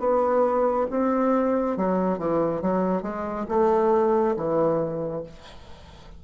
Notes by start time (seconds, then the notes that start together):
0.00 B3
0.91 C4
1.77 F#3
2.19 E3
2.62 F#3
3.03 G#3
3.49 A3
4.36 E3